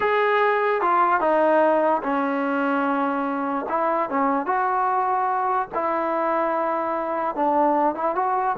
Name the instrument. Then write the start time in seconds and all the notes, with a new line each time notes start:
trombone
0.00 G#4
0.81 F4
1.20 D#4
2.02 C#4
3.68 E4
4.09 C#4
4.45 F#4
5.74 E4
7.35 D4
7.94 E4
8.15 F#4